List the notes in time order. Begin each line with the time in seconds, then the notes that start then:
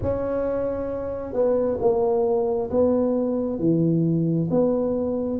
0.02 C#4
1.33 B3
1.80 A#3
2.70 B3
3.59 E3
4.50 B3